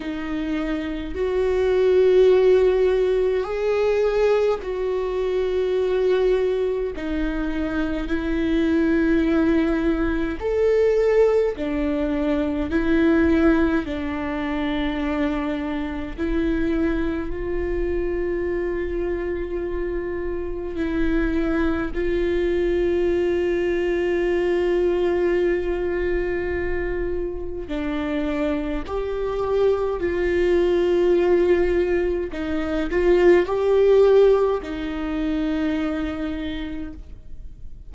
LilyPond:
\new Staff \with { instrumentName = "viola" } { \time 4/4 \tempo 4 = 52 dis'4 fis'2 gis'4 | fis'2 dis'4 e'4~ | e'4 a'4 d'4 e'4 | d'2 e'4 f'4~ |
f'2 e'4 f'4~ | f'1 | d'4 g'4 f'2 | dis'8 f'8 g'4 dis'2 | }